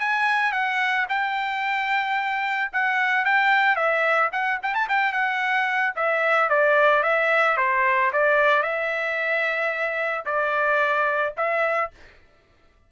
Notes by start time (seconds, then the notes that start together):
0.00 G#5
0.52 F#5
1.09 G5
2.73 F#5
3.25 G5
3.76 E5
4.32 F#5
4.63 G5
4.74 A5
4.89 G5
5.13 F#5
5.96 E5
6.50 D5
7.03 E5
7.57 C5
8.13 D5
8.63 E5
10.26 D5
11.37 E5